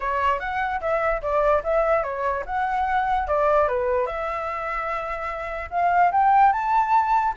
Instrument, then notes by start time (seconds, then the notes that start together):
flute
0.00 C#5
0.39 F#5
0.80 E5
1.22 D5
1.63 E5
2.03 C#5
2.46 F#5
3.27 D5
3.68 B4
4.06 E5
5.70 F5
6.11 G5
6.52 A5